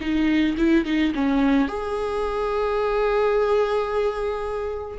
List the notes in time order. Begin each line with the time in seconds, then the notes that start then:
0.00 D#4
0.57 E4
0.85 D#4
1.14 C#4
1.68 G#4